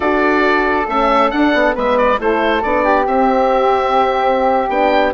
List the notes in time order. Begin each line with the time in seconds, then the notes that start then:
0.00 D4 F#4 A4 D5
0.88 A3 C#4 E5
1.30 D4 F#5
1.53 B3
1.74 G#3 B3 B4 E5
1.97 D5
2.18 A3 E4 A4 C5
2.62 B3 D4 D5
2.84 G4
3.06 C4 E5
4.69 B3 D4 G5